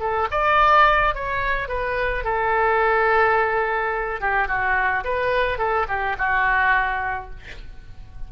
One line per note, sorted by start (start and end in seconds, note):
0.00 0.28 A4
0.31 1.15 D5
1.15 1.69 C#5
1.69 2.25 B4
2.25 4.21 A4
4.21 4.48 G4
4.48 5.04 F#4
5.05 5.59 B4
5.59 5.87 A4
5.89 6.17 G4
6.19 7.31 F#4